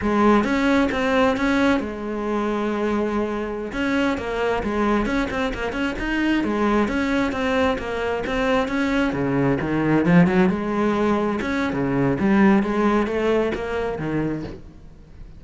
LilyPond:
\new Staff \with { instrumentName = "cello" } { \time 4/4 \tempo 4 = 133 gis4 cis'4 c'4 cis'4 | gis1~ | gis16 cis'4 ais4 gis4 cis'8 c'16~ | c'16 ais8 cis'8 dis'4 gis4 cis'8.~ |
cis'16 c'4 ais4 c'4 cis'8.~ | cis'16 cis4 dis4 f8 fis8 gis8.~ | gis4~ gis16 cis'8. cis4 g4 | gis4 a4 ais4 dis4 | }